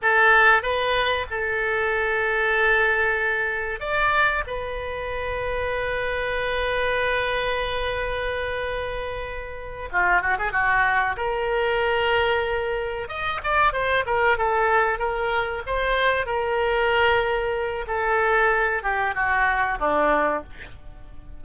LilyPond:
\new Staff \with { instrumentName = "oboe" } { \time 4/4 \tempo 4 = 94 a'4 b'4 a'2~ | a'2 d''4 b'4~ | b'1~ | b'2.~ b'8 f'8 |
fis'16 gis'16 fis'4 ais'2~ ais'8~ | ais'8 dis''8 d''8 c''8 ais'8 a'4 ais'8~ | ais'8 c''4 ais'2~ ais'8 | a'4. g'8 fis'4 d'4 | }